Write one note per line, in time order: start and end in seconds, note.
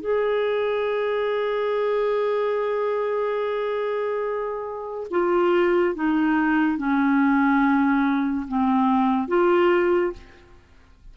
0.00 5.07 G#4
5.10 5.95 F4
5.95 6.77 D#4
6.77 8.46 C#4
8.47 9.28 C4
9.28 10.12 F4